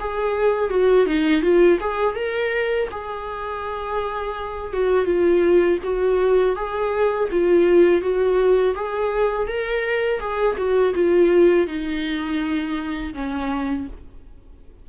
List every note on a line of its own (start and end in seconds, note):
0.00 0.70 G#4
0.70 1.06 F#4
1.06 1.42 D#4
1.42 1.79 F4
1.80 2.15 G#4
2.15 2.88 A#4
2.91 4.73 G#4
4.73 5.05 F#4
5.05 5.78 F4
5.83 6.56 F#4
6.56 7.29 G#4
7.31 8.02 F4
8.02 8.75 F#4
8.75 9.48 G#4
9.48 10.20 A#4
10.20 10.56 G#4
10.57 10.94 F#4
10.94 11.67 F4
11.67 13.13 D#4
13.14 13.87 C#4